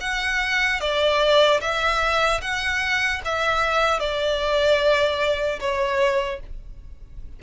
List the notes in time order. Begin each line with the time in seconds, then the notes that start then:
0.00 F#5
0.80 D5
1.60 E5
2.41 F#5
3.24 E5
3.99 D5
5.60 C#5